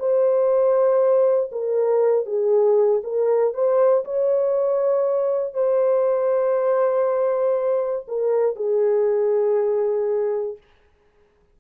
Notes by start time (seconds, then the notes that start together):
0.00 C5
1.52 A#4
2.26 G#4
3.04 A#4
3.54 C5
4.05 C#5
5.54 C5
8.08 A#4
8.56 G#4